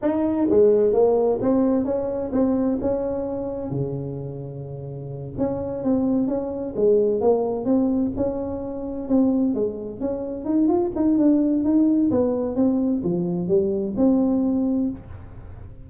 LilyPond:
\new Staff \with { instrumentName = "tuba" } { \time 4/4 \tempo 4 = 129 dis'4 gis4 ais4 c'4 | cis'4 c'4 cis'2 | cis2.~ cis8 cis'8~ | cis'8 c'4 cis'4 gis4 ais8~ |
ais8 c'4 cis'2 c'8~ | c'8 gis4 cis'4 dis'8 f'8 dis'8 | d'4 dis'4 b4 c'4 | f4 g4 c'2 | }